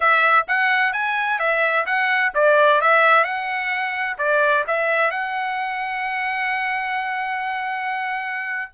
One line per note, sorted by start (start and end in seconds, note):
0.00 0.45 E5
0.47 0.92 F#5
0.92 1.39 G#5
1.39 1.85 E5
1.86 2.32 F#5
2.34 2.81 D5
2.81 3.23 E5
3.23 4.16 F#5
4.18 4.64 D5
4.67 5.11 E5
5.11 8.71 F#5